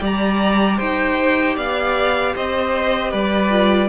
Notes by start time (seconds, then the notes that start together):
0.00 G3 G4 D5 A#5
0.77 D#4 C5 G5
1.55 B3 D5 F5
2.35 C4 C5 D#5
3.11 G3 B4 D5
3.50 F4